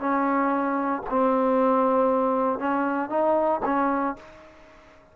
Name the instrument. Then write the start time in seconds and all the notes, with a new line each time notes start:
trombone
0.00 C#4
1.10 C4
2.59 C#4
3.10 D#4
3.65 C#4